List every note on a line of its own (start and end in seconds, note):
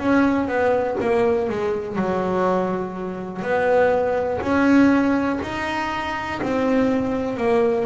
0.00 0.48 C#4
0.48 0.97 B3
1.01 1.50 A#3
1.50 1.97 G#3
1.97 3.43 F#3
3.43 4.41 B3
4.42 5.40 C#4
5.43 6.42 D#4
6.43 7.37 C4
7.37 7.86 A#3